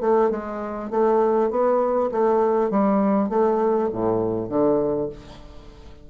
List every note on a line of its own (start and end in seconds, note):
0.00 0.30 A3
0.30 0.90 G#3
0.90 1.50 A3
1.50 2.10 B3
2.11 2.70 A3
2.70 3.29 G3
3.29 3.89 A3
3.92 4.49 A2
4.49 5.09 D3